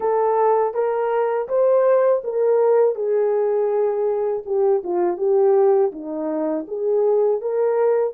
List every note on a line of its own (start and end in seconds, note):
0.00 0.73 A4
0.73 1.47 A#4
1.48 2.22 C5
2.24 2.95 A#4
2.95 4.43 G#4
4.45 4.82 G4
4.83 5.17 F4
5.17 5.91 G4
5.92 6.66 D#4
6.67 7.41 G#4
7.41 8.13 A#4